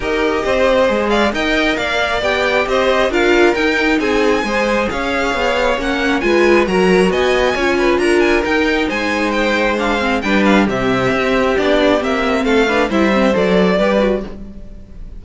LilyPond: <<
  \new Staff \with { instrumentName = "violin" } { \time 4/4 \tempo 4 = 135 dis''2~ dis''8 f''8 g''4 | f''4 g''4 dis''4 f''4 | g''4 gis''2 f''4~ | f''4 fis''4 gis''4 ais''4 |
gis''2 ais''8 gis''8 g''4 | gis''4 g''4 f''4 g''8 f''8 | e''2 d''4 e''4 | f''4 e''4 d''2 | }
  \new Staff \with { instrumentName = "violin" } { \time 4/4 ais'4 c''4. d''8 dis''4 | d''2 c''4 ais'4~ | ais'4 gis'4 c''4 cis''4~ | cis''2 b'4 ais'4 |
dis''4 cis''8 b'8 ais'2 | c''2. b'4 | g'1 | a'8 b'8 c''2 b'4 | }
  \new Staff \with { instrumentName = "viola" } { \time 4/4 g'2 gis'4 ais'4~ | ais'4 g'2 f'4 | dis'2 gis'2~ | gis'4 cis'4 f'4 fis'4~ |
fis'4 f'2 dis'4~ | dis'2 d'8 c'8 d'4 | c'2 d'4 c'4~ | c'8 d'8 e'8 c'8 a'4 g'8 fis'8 | }
  \new Staff \with { instrumentName = "cello" } { \time 4/4 dis'4 c'4 gis4 dis'4 | ais4 b4 c'4 d'4 | dis'4 c'4 gis4 cis'4 | b4 ais4 gis4 fis4 |
b4 cis'4 d'4 dis'4 | gis2. g4 | c4 c'4 b4 ais4 | a4 g4 fis4 g4 | }
>>